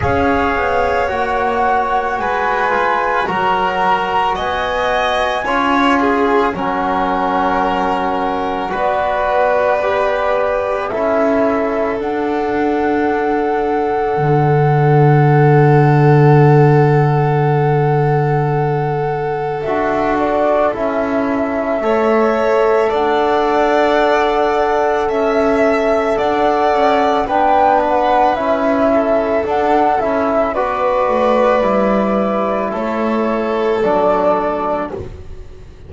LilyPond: <<
  \new Staff \with { instrumentName = "flute" } { \time 4/4 \tempo 4 = 55 f''4 fis''4 gis''4 ais''4 | gis''2 fis''2 | d''2 e''4 fis''4~ | fis''1~ |
fis''2 e''8 d''8 e''4~ | e''4 fis''2 e''4 | fis''4 g''8 fis''8 e''4 fis''8 e''8 | d''2 cis''4 d''4 | }
  \new Staff \with { instrumentName = "violin" } { \time 4/4 cis''2 b'4 ais'4 | dis''4 cis''8 gis'8 ais'2 | b'2 a'2~ | a'1~ |
a'1 | cis''4 d''2 e''4 | d''4 b'4. a'4. | b'2 a'2 | }
  \new Staff \with { instrumentName = "trombone" } { \time 4/4 gis'4 fis'4. f'8 fis'4~ | fis'4 f'4 cis'2 | fis'4 g'4 e'4 d'4~ | d'1~ |
d'2 fis'4 e'4 | a'1~ | a'4 d'4 e'4 d'8 e'8 | fis'4 e'2 d'4 | }
  \new Staff \with { instrumentName = "double bass" } { \time 4/4 cis'8 b8 ais4 gis4 fis4 | b4 cis'4 fis2 | b2 cis'4 d'4~ | d'4 d2.~ |
d2 d'4 cis'4 | a4 d'2 cis'4 | d'8 cis'8 b4 cis'4 d'8 cis'8 | b8 a8 g4 a4 fis4 | }
>>